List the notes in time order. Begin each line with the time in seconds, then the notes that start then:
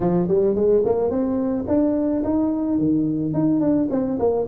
0.00 F3
0.28 G3
0.55 G#3
0.85 A#3
1.10 C4
1.67 D4
2.23 D#4
2.78 D#3
3.33 D#4
3.60 D4
3.90 C4
4.19 A#3